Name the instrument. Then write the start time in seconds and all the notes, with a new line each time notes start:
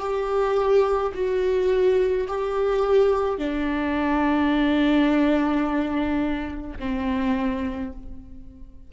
viola
0.00 G4
1.15 F#4
2.28 G4
3.39 D4
6.80 C4